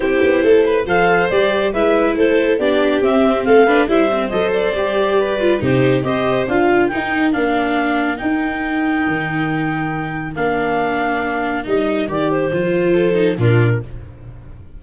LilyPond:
<<
  \new Staff \with { instrumentName = "clarinet" } { \time 4/4 \tempo 4 = 139 c''2 f''4 d''4 | e''4 c''4 d''4 e''4 | f''4 e''4 dis''8 d''4.~ | d''4 c''4 dis''4 f''4 |
g''4 f''2 g''4~ | g''1 | f''2. dis''4 | d''8 c''2~ c''8 ais'4 | }
  \new Staff \with { instrumentName = "violin" } { \time 4/4 g'4 a'8 b'8 c''2 | b'4 a'4 g'2 | a'8 b'8 c''2. | b'4 g'4 c''4. ais'8~ |
ais'1~ | ais'1~ | ais'1~ | ais'2 a'4 f'4 | }
  \new Staff \with { instrumentName = "viola" } { \time 4/4 e'2 a'4 g'4 | e'2 d'4 c'4~ | c'8 d'8 e'8 c'8 a'4 g'4~ | g'8 f'8 dis'4 g'4 f'4 |
dis'4 d'2 dis'4~ | dis'1 | d'2. dis'4 | g'4 f'4. dis'8 d'4 | }
  \new Staff \with { instrumentName = "tuba" } { \time 4/4 c'8 b8 a4 f4 g4 | gis4 a4 b4 c'4 | a4 g4 fis4 g4~ | g4 c4 c'4 d'4 |
dis'4 ais2 dis'4~ | dis'4 dis2. | ais2. g4 | dis4 f2 ais,4 | }
>>